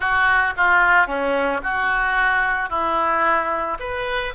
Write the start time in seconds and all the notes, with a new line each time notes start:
0.00 F#4
0.56 F4
1.06 C#4
1.63 F#4
2.69 E4
3.79 B4